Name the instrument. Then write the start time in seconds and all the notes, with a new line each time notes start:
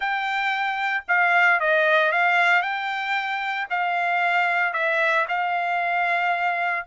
trumpet
0.00 G5
1.08 F5
1.59 D#5
2.12 F5
2.61 G5
3.70 F5
4.73 E5
5.28 F5